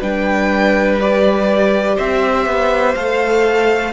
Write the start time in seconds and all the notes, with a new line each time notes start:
0.00 G3 D4 B4 G5
1.01 G4 D5
1.96 C4 C5 E5
2.46 B3
2.95 A3 A4 F5